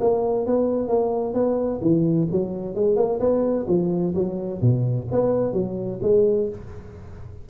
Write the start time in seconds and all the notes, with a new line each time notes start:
0.00 A#3
0.46 B3
0.88 A#3
1.34 B3
1.81 E3
2.31 F#3
2.75 G#3
2.96 A#3
3.20 B3
3.67 F3
4.14 F#3
4.61 B2
5.11 B3
5.53 F#3
6.02 G#3